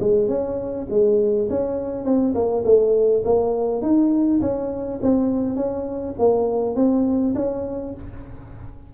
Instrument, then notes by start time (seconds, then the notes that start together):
tuba
0.00 G#3
0.29 C#4
0.90 G#3
1.50 C#4
2.05 C4
2.35 A#3
2.65 A3
3.25 A#3
3.82 D#4
4.41 C#4
5.02 C4
5.56 C#4
6.19 A#3
6.76 C4
7.36 C#4